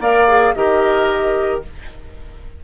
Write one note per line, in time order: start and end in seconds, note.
0.00 0.54 A#3
0.00 0.27 A#4
0.00 0.54 D5
0.00 0.55 F5
0.28 0.55 G#4
0.55 1.63 D#3
0.55 1.63 G4
0.55 1.65 A#4
0.55 1.62 D#5